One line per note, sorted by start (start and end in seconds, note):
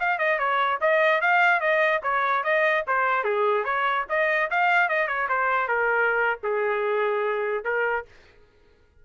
0.00 0.19 F5
0.19 0.39 D#5
0.39 0.80 C#5
0.81 1.22 D#5
1.22 1.61 F5
1.61 2.02 D#5
2.03 2.44 C#5
2.44 2.85 D#5
2.88 3.24 C5
3.24 3.65 G#4
3.65 4.06 C#5
4.10 4.50 D#5
4.51 4.89 F5
4.89 5.08 D#5
5.08 5.28 C#5
5.29 5.68 C5
5.68 6.40 A#4
6.44 7.65 G#4
7.65 8.06 A#4